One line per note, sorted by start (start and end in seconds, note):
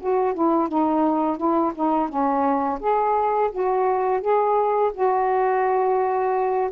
0.00 0.34 F#4
0.34 0.69 E4
0.69 1.37 D#4
1.37 1.72 E4
1.75 2.09 D#4
2.09 2.79 C#4
2.80 3.50 G#4
3.52 4.21 F#4
4.21 4.92 G#4
4.94 6.70 F#4